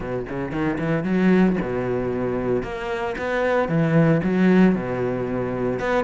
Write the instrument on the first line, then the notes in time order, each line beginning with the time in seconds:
cello
0.00 B2
0.29 C#3
0.51 D#3
0.78 E3
1.03 F#3
1.61 B2
2.62 A#3
3.18 B3
3.68 E3
4.23 F#3
4.75 B2
5.79 B3